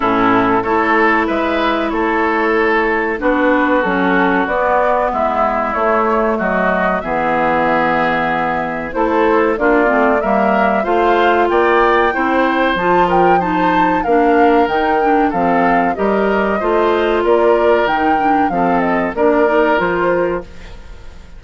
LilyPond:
<<
  \new Staff \with { instrumentName = "flute" } { \time 4/4 \tempo 4 = 94 a'4 cis''4 e''4 cis''4~ | cis''4 b'4 a'4 d''4 | e''4 cis''4 dis''4 e''4~ | e''2 c''4 d''4 |
e''4 f''4 g''2 | a''8 g''8 a''4 f''4 g''4 | f''4 dis''2 d''4 | g''4 f''8 dis''8 d''4 c''4 | }
  \new Staff \with { instrumentName = "oboe" } { \time 4/4 e'4 a'4 b'4 a'4~ | a'4 fis'2. | e'2 fis'4 gis'4~ | gis'2 a'4 f'4 |
ais'4 c''4 d''4 c''4~ | c''8 ais'8 c''4 ais'2 | a'4 ais'4 c''4 ais'4~ | ais'4 a'4 ais'2 | }
  \new Staff \with { instrumentName = "clarinet" } { \time 4/4 cis'4 e'2.~ | e'4 d'4 cis'4 b4~ | b4 a2 b4~ | b2 e'4 d'8 c'8 |
ais4 f'2 e'4 | f'4 dis'4 d'4 dis'8 d'8 | c'4 g'4 f'2 | dis'8 d'8 c'4 d'8 dis'8 f'4 | }
  \new Staff \with { instrumentName = "bassoon" } { \time 4/4 a,4 a4 gis4 a4~ | a4 b4 fis4 b4 | gis4 a4 fis4 e4~ | e2 a4 ais8 a8 |
g4 a4 ais4 c'4 | f2 ais4 dis4 | f4 g4 a4 ais4 | dis4 f4 ais4 f4 | }
>>